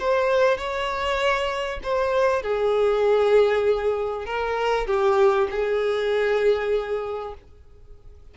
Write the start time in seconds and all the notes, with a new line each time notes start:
0.00 C5
0.58 C#5
1.83 C5
2.43 G#4
4.26 A#4
4.87 G4
5.51 G#4